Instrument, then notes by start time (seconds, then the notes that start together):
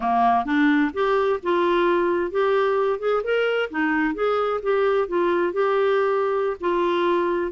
clarinet
0.00 A#3
0.45 D4
0.93 G4
1.42 F4
2.31 G4
2.99 G#4
3.23 A#4
3.70 D#4
4.14 G#4
4.62 G4
5.07 F4
5.53 G4
6.60 F4